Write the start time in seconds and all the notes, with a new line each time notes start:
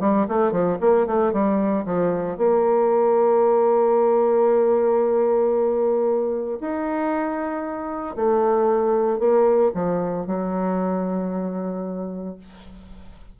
0.00 G3
0.28 A3
0.52 F3
0.80 A#3
1.06 A3
1.33 G3
1.85 F3
2.37 A#3
6.61 D#4
8.16 A3
9.19 A#3
9.74 F3
10.26 F#3